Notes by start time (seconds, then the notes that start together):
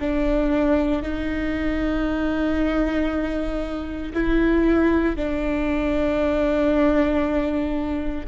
0.00 D4
1.03 D#4
4.14 E4
5.16 D4